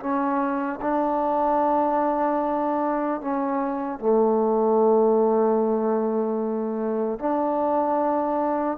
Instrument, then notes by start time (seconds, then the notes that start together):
trombone
0.00 C#4
0.81 D4
3.21 C#4
4.00 A3
7.19 D4